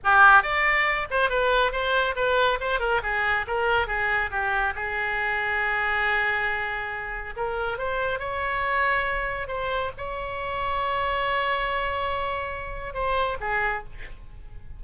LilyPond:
\new Staff \with { instrumentName = "oboe" } { \time 4/4 \tempo 4 = 139 g'4 d''4. c''8 b'4 | c''4 b'4 c''8 ais'8 gis'4 | ais'4 gis'4 g'4 gis'4~ | gis'1~ |
gis'4 ais'4 c''4 cis''4~ | cis''2 c''4 cis''4~ | cis''1~ | cis''2 c''4 gis'4 | }